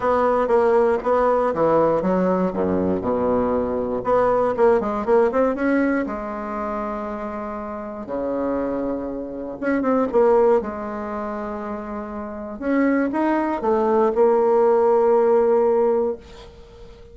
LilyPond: \new Staff \with { instrumentName = "bassoon" } { \time 4/4 \tempo 4 = 119 b4 ais4 b4 e4 | fis4 fis,4 b,2 | b4 ais8 gis8 ais8 c'8 cis'4 | gis1 |
cis2. cis'8 c'8 | ais4 gis2.~ | gis4 cis'4 dis'4 a4 | ais1 | }